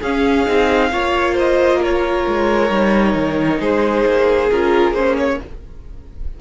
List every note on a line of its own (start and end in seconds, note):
0.00 0.47 C#4
0.00 0.46 C#4
0.00 0.90 G#4
0.00 1.37 F5
0.46 0.92 C4
0.46 0.91 D#4
0.91 2.26 A#3
0.91 2.70 F4
0.91 1.34 C#5
1.34 1.79 C5
1.34 1.83 D#5
1.81 3.59 A#4
1.81 3.60 C#5
2.28 2.70 G#3
2.70 3.15 G3
2.70 4.49 D#4
3.15 3.59 D#3
3.59 4.05 G#3
3.59 5.38 G#4
3.59 4.50 C5
4.06 4.50 A#3
4.51 4.92 C#4
4.51 4.96 F4
4.51 4.94 A#4
4.92 5.36 A#3
4.92 5.41 C#4
4.92 5.16 C5
5.18 5.40 C#5